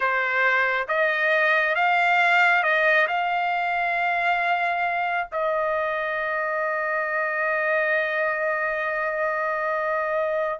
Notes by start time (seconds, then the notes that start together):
0.00 C5
0.87 D#5
1.75 F5
2.63 D#5
3.07 F5
5.31 D#5